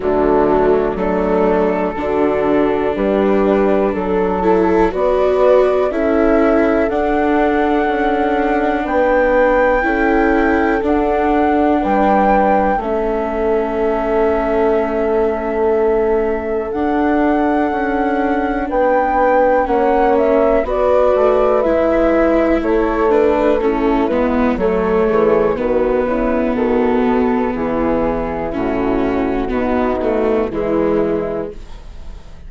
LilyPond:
<<
  \new Staff \with { instrumentName = "flute" } { \time 4/4 \tempo 4 = 61 d'4 a'2 b'4 | a'4 d''4 e''4 fis''4~ | fis''4 g''2 fis''4 | g''4 e''2.~ |
e''4 fis''2 g''4 | fis''8 e''8 d''4 e''4 cis''8 b'8 | a'8 b'8 cis''4 b'4 a'4 | gis'4 fis'2 e'4 | }
  \new Staff \with { instrumentName = "horn" } { \time 4/4 a4 d'4 fis'4 g'4 | a'4 b'4 a'2~ | a'4 b'4 a'2 | b'4 a'2.~ |
a'2. b'4 | cis''4 b'2 a'4 | e'4 a'8 gis'8 fis'8 e'8 fis'4 | e'2 dis'4 e'4 | }
  \new Staff \with { instrumentName = "viola" } { \time 4/4 fis4 a4 d'2~ | d'8 e'8 fis'4 e'4 d'4~ | d'2 e'4 d'4~ | d'4 cis'2.~ |
cis'4 d'2. | cis'4 fis'4 e'4. d'8 | cis'8 b8 a4 b2~ | b4 cis'4 b8 a8 gis4 | }
  \new Staff \with { instrumentName = "bassoon" } { \time 4/4 d4 fis4 d4 g4 | fis4 b4 cis'4 d'4 | cis'4 b4 cis'4 d'4 | g4 a2.~ |
a4 d'4 cis'4 b4 | ais4 b8 a8 gis4 a4~ | a8 gis8 fis8 e8 dis8 cis8 dis8 b,8 | e4 a,4 b,4 e4 | }
>>